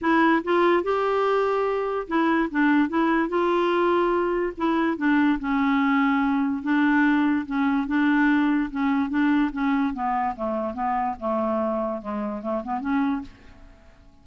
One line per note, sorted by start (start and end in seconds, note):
0.01 0.42 E4
0.43 0.83 F4
0.83 2.07 G4
2.07 2.49 E4
2.50 2.88 D4
2.88 3.28 E4
3.28 4.53 F4
4.57 4.97 E4
4.97 5.38 D4
5.39 6.62 C#4
6.62 7.45 D4
7.46 7.87 C#4
7.87 8.70 D4
8.70 9.09 C#4
9.09 9.51 D4
9.52 9.93 C#4
9.93 10.35 B3
10.35 10.74 A3
10.74 11.15 B3
11.19 12.01 A3
12.01 12.42 G#3
12.42 12.62 A3
12.63 12.80 B3
12.80 13.21 C#4